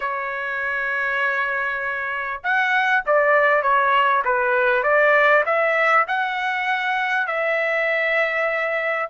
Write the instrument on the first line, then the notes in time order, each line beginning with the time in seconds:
trumpet
0.00 C#5
2.43 F#5
3.06 D5
3.62 C#5
4.25 B4
4.83 D5
5.45 E5
6.07 F#5
7.27 E5